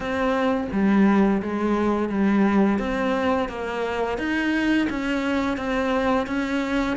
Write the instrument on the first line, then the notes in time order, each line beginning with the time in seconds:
cello
0.00 C4
0.72 G3
1.42 G#3
2.09 G3
2.78 C4
3.49 A#3
4.18 D#4
4.89 C#4
5.57 C4
6.27 C#4